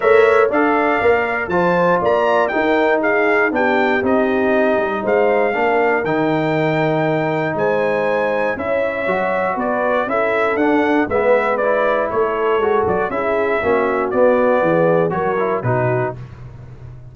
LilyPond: <<
  \new Staff \with { instrumentName = "trumpet" } { \time 4/4 \tempo 4 = 119 e''4 f''2 a''4 | ais''4 g''4 f''4 g''4 | dis''2 f''2 | g''2. gis''4~ |
gis''4 e''2 d''4 | e''4 fis''4 e''4 d''4 | cis''4. d''8 e''2 | d''2 cis''4 b'4 | }
  \new Staff \with { instrumentName = "horn" } { \time 4/4 cis''4 d''2 c''4 | d''4 ais'4 gis'4 g'4~ | g'2 c''4 ais'4~ | ais'2. c''4~ |
c''4 cis''2 b'4 | a'2 b'2 | a'2 gis'4 fis'4~ | fis'4 gis'4 ais'4 fis'4 | }
  \new Staff \with { instrumentName = "trombone" } { \time 4/4 ais'4 a'4 ais'4 f'4~ | f'4 dis'2 d'4 | dis'2. d'4 | dis'1~ |
dis'4 e'4 fis'2 | e'4 d'4 b4 e'4~ | e'4 fis'4 e'4 cis'4 | b2 fis'8 e'8 dis'4 | }
  \new Staff \with { instrumentName = "tuba" } { \time 4/4 a4 d'4 ais4 f4 | ais4 dis'2 b4 | c'4. g8 gis4 ais4 | dis2. gis4~ |
gis4 cis'4 fis4 b4 | cis'4 d'4 gis2 | a4 gis8 fis8 cis'4 ais4 | b4 e4 fis4 b,4 | }
>>